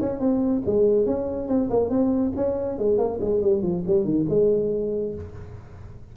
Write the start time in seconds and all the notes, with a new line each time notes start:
0.00 C#4
0.20 C4
0.66 G#3
1.06 C#4
1.48 C4
1.70 A#3
1.90 C4
2.36 C#4
2.79 G#3
2.98 A#3
3.21 G#3
3.42 G3
3.63 F3
3.87 G3
4.04 D#3
4.29 G#3